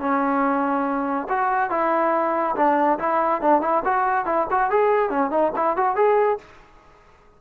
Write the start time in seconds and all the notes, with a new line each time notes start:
0.00 C#4
1.30 F#4
1.71 E4
2.56 D4
2.99 E4
3.42 D4
3.62 E4
3.85 F#4
4.26 E4
4.51 F#4
4.71 G#4
5.10 C#4
5.31 D#4
5.56 E4
5.77 F#4
5.96 G#4